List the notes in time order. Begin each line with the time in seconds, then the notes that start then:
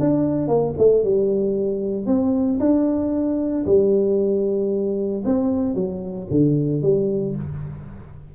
0.00 D4
0.48 A#3
0.78 A3
1.04 G3
2.06 C4
2.60 D4
3.66 G3
5.25 C4
5.75 F#3
6.31 D3
6.83 G3